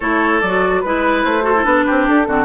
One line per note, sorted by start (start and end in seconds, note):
0.00 0.41 A3
0.00 0.42 E4
0.00 0.82 A4
0.00 0.40 C#5
0.40 0.83 F#3
0.40 0.85 F#4
0.40 0.81 D5
0.81 1.24 G#3
0.81 1.42 E4
0.81 1.22 B4
0.81 1.43 B4
1.24 1.64 A3
1.24 1.65 C5
1.42 1.52 F#4
1.42 1.85 A4
1.54 1.63 E4
1.63 1.85 B3
1.63 2.26 D4
1.63 2.06 B4
1.85 2.08 C4
1.85 2.27 G4
2.07 2.27 D4
2.07 2.45 A4
2.26 2.45 D3
2.26 2.45 C4
2.26 2.45 F#4